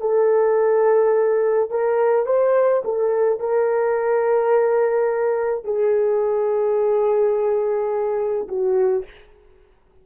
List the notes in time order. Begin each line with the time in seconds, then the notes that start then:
0.00 A4
1.70 A#4
2.25 C5
2.84 A4
3.39 A#4
5.64 G#4
8.48 F#4